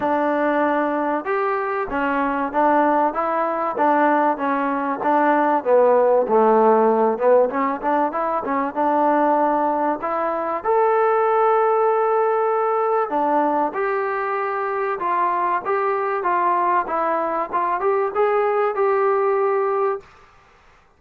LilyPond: \new Staff \with { instrumentName = "trombone" } { \time 4/4 \tempo 4 = 96 d'2 g'4 cis'4 | d'4 e'4 d'4 cis'4 | d'4 b4 a4. b8 | cis'8 d'8 e'8 cis'8 d'2 |
e'4 a'2.~ | a'4 d'4 g'2 | f'4 g'4 f'4 e'4 | f'8 g'8 gis'4 g'2 | }